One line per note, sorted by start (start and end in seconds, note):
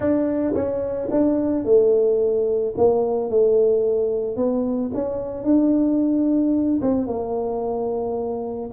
0.00 0.54 D4
0.54 1.08 C#4
1.10 1.64 D4
1.64 2.73 A3
2.77 3.30 A#3
3.30 4.36 A3
4.36 4.91 B3
4.94 5.44 C#4
5.44 6.80 D4
6.81 7.06 C4
7.06 8.70 A#3